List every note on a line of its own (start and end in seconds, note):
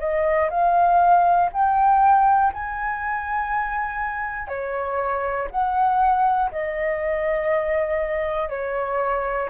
0.00 0.50 D#5
0.50 1.50 F5
1.53 2.53 G5
2.53 4.48 G#5
4.48 5.48 C#5
5.51 6.51 F#5
6.51 8.49 D#5
8.49 9.49 C#5